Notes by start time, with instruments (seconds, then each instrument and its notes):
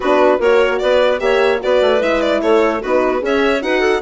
0.00 bassoon B3, horn D4, clarinet F#4, violin B4
0.38 bassoon A#3, horn F#4, clarinet A#4, violin C#5
0.78 bassoon B3, clarinet B4, violin D5
1.19 bassoon A#3, horn G4, clarinet C#5, violin E5
1.60 bassoon B3, horn F#4, clarinet B4, violin D5
1.81 bassoon A3
1.99 bassoon G#3, horn E4, violin E5
2.21 violin D5
2.41 bassoon A3, clarinet A4, violin C#5
2.80 bassoon B3, horn D#4, clarinet F#4, violin B4
3.19 bassoon C#4, horn G#4
3.25 clarinet C#5, violin E5
3.61 bassoon D#4, horn F#4, clarinet B4, violin F#5
3.80 clarinet A4